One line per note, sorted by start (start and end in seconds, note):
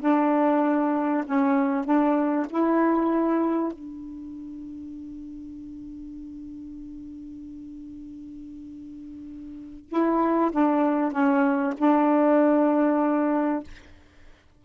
0.00 1.24 D4
1.26 1.84 C#4
1.84 2.46 D4
2.49 3.72 E4
3.72 9.89 D4
9.89 10.51 E4
10.51 11.12 D4
11.12 11.74 C#4
11.78 13.63 D4